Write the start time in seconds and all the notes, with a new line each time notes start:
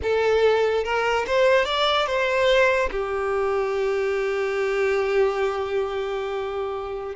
0.02 A4
0.84 A#4
1.26 C5
1.65 D5
2.06 C5
2.91 G4